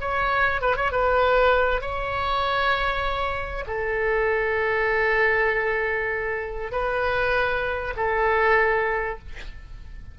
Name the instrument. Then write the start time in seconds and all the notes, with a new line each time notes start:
oboe
0.00 C#5
0.61 B4
0.76 C#5
0.91 B4
1.81 C#5
3.66 A4
6.71 B4
7.96 A4